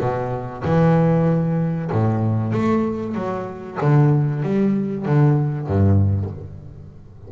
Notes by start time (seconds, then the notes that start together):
0.00 B2
0.64 E3
1.91 A2
2.52 A3
3.14 F#3
3.80 D3
4.42 G3
5.05 D3
5.66 G2